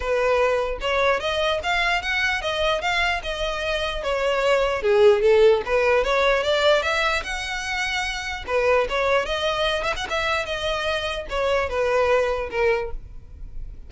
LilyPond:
\new Staff \with { instrumentName = "violin" } { \time 4/4 \tempo 4 = 149 b'2 cis''4 dis''4 | f''4 fis''4 dis''4 f''4 | dis''2 cis''2 | gis'4 a'4 b'4 cis''4 |
d''4 e''4 fis''2~ | fis''4 b'4 cis''4 dis''4~ | dis''8 e''16 fis''16 e''4 dis''2 | cis''4 b'2 ais'4 | }